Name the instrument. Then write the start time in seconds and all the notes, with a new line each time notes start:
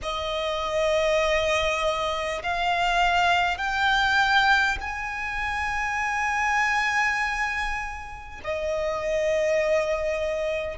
violin
0.02 D#5
2.43 F5
3.57 G5
4.80 G#5
8.44 D#5